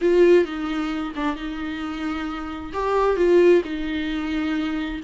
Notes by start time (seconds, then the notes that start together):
0.01 F4
0.44 D#4
1.15 D4
1.36 D#4
2.73 G4
3.16 F4
3.64 D#4